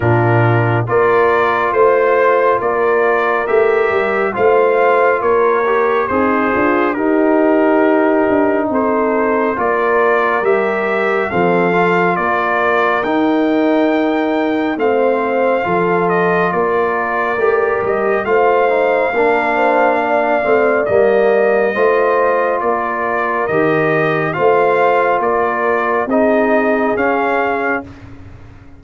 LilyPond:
<<
  \new Staff \with { instrumentName = "trumpet" } { \time 4/4 \tempo 4 = 69 ais'4 d''4 c''4 d''4 | e''4 f''4 cis''4 c''4 | ais'2 c''4 d''4 | e''4 f''4 d''4 g''4~ |
g''4 f''4. dis''8 d''4~ | d''8 dis''8 f''2. | dis''2 d''4 dis''4 | f''4 d''4 dis''4 f''4 | }
  \new Staff \with { instrumentName = "horn" } { \time 4/4 f'4 ais'4 c''4 ais'4~ | ais'4 c''4 ais'4 dis'8 f'8 | g'2 a'4 ais'4~ | ais'4 a'4 ais'2~ |
ais'4 c''4 a'4 ais'4~ | ais'4 c''4 ais'8 c''8 d''4~ | d''4 c''4 ais'2 | c''4 ais'4 gis'2 | }
  \new Staff \with { instrumentName = "trombone" } { \time 4/4 d'4 f'2. | g'4 f'4. g'8 gis'4 | dis'2. f'4 | g'4 c'8 f'4. dis'4~ |
dis'4 c'4 f'2 | g'4 f'8 dis'8 d'4. c'8 | ais4 f'2 g'4 | f'2 dis'4 cis'4 | }
  \new Staff \with { instrumentName = "tuba" } { \time 4/4 ais,4 ais4 a4 ais4 | a8 g8 a4 ais4 c'8 d'8 | dis'4. d'8 c'4 ais4 | g4 f4 ais4 dis'4~ |
dis'4 a4 f4 ais4 | a8 g8 a4 ais4. a8 | g4 a4 ais4 dis4 | a4 ais4 c'4 cis'4 | }
>>